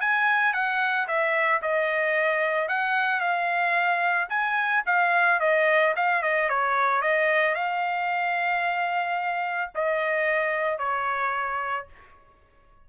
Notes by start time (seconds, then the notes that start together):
0.00 G#5
0.53 F#5
1.07 E5
1.61 D#5
2.68 F#5
3.20 F5
4.29 G#5
4.86 F5
5.40 D#5
5.96 F5
6.22 D#5
6.49 C#5
7.01 D#5
7.55 F5
9.74 D#5
10.78 C#5